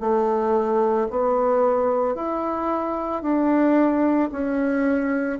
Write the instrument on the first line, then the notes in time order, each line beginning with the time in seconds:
bassoon
0.00 A3
1.10 B3
2.14 E4
3.22 D4
4.31 C#4